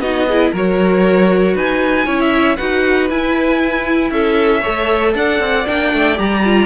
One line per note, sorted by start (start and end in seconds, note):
0.00 0.51 B3
0.00 0.28 D#4
0.00 0.27 F#4
0.00 0.53 D#5
0.28 0.55 E4
0.28 0.52 G#4
0.52 1.56 F#3
0.52 2.07 F#4
0.52 1.55 A#4
0.52 1.58 C#5
1.55 2.07 D#4
1.55 2.06 B4
1.55 2.21 G#5
2.06 2.58 C#4
2.06 2.58 E4
2.06 2.57 C#5
2.21 2.57 E5
2.57 3.10 D#4
2.57 3.10 F#4
2.57 4.11 B4
2.57 3.08 F#5
3.10 4.12 E4
3.10 4.63 E4
3.10 4.11 G#5
4.11 4.63 C#4
4.11 4.61 A4
4.11 5.14 E5
4.61 5.15 A3
4.61 5.65 A4
4.61 5.12 C#5
5.15 5.40 D4
5.15 6.67 D5
5.15 5.67 F#5
5.40 5.66 C4
5.66 5.94 A#3
5.66 6.16 D4
5.66 6.19 G5
5.94 6.19 A3
6.16 6.67 G3
6.16 6.41 G4
6.16 6.67 A#5
6.45 6.67 F4